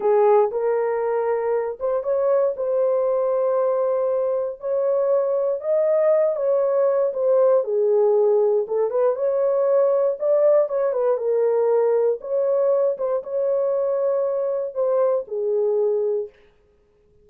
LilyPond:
\new Staff \with { instrumentName = "horn" } { \time 4/4 \tempo 4 = 118 gis'4 ais'2~ ais'8 c''8 | cis''4 c''2.~ | c''4 cis''2 dis''4~ | dis''8 cis''4. c''4 gis'4~ |
gis'4 a'8 b'8 cis''2 | d''4 cis''8 b'8 ais'2 | cis''4. c''8 cis''2~ | cis''4 c''4 gis'2 | }